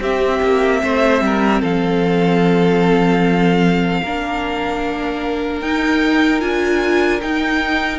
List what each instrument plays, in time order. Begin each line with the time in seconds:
0.00 cello C4, viola C4, violin G4 E5
0.43 cello A#3
0.83 cello A3, violin C5
1.21 cello G3, violin A#4
1.61 cello F3, violin A4 F5
4.02 cello A#3, viola D4, violin A#4
5.61 cello D#4, viola D#4, violin G5
6.40 cello D4, viola F4, violin G#5
7.21 viola D#4, cello D#4, violin G5